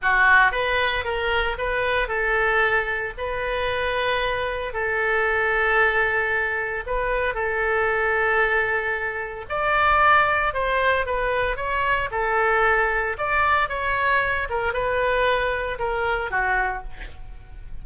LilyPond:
\new Staff \with { instrumentName = "oboe" } { \time 4/4 \tempo 4 = 114 fis'4 b'4 ais'4 b'4 | a'2 b'2~ | b'4 a'2.~ | a'4 b'4 a'2~ |
a'2 d''2 | c''4 b'4 cis''4 a'4~ | a'4 d''4 cis''4. ais'8 | b'2 ais'4 fis'4 | }